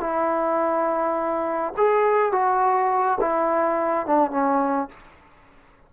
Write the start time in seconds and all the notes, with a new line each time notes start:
0.00 E4
1.77 G#4
2.32 F#4
3.20 E4
4.06 D4
4.31 C#4